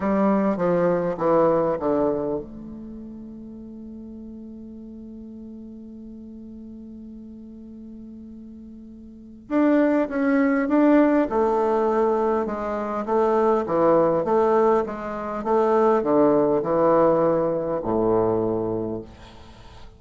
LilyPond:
\new Staff \with { instrumentName = "bassoon" } { \time 4/4 \tempo 4 = 101 g4 f4 e4 d4 | a1~ | a1~ | a1 |
d'4 cis'4 d'4 a4~ | a4 gis4 a4 e4 | a4 gis4 a4 d4 | e2 a,2 | }